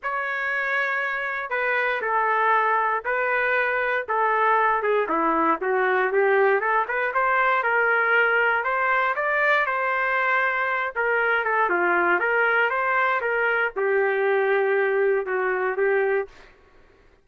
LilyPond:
\new Staff \with { instrumentName = "trumpet" } { \time 4/4 \tempo 4 = 118 cis''2. b'4 | a'2 b'2 | a'4. gis'8 e'4 fis'4 | g'4 a'8 b'8 c''4 ais'4~ |
ais'4 c''4 d''4 c''4~ | c''4. ais'4 a'8 f'4 | ais'4 c''4 ais'4 g'4~ | g'2 fis'4 g'4 | }